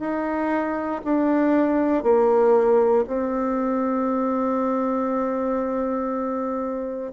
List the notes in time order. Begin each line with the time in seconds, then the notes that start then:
0.00 D#4
1.05 D4
2.03 A#3
3.08 C4